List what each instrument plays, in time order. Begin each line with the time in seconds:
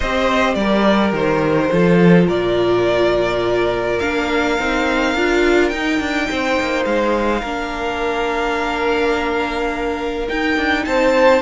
0.00 cello C4, viola G4, violin C5 D#5
0.54 cello G3, violin A#4 D5
1.12 cello D#3, violin C5
1.71 cello F3, viola F4, violin A4
2.27 cello A#2, violin A#4 D5
3.99 cello A#3, viola D4, violin F5
4.58 cello C4, viola D#4
5.14 cello D4, viola F4
5.68 cello D#4, viola D#4, violin G5
5.99 cello D4
6.30 cello C4, violin C5
6.60 cello A#3
6.85 cello G#3, violin F5
7.41 cello A#3, viola D4, violin A#4
10.27 viola D#4, cello D#4, violin G5
10.57 cello D4
10.84 cello C4, violin C5 A5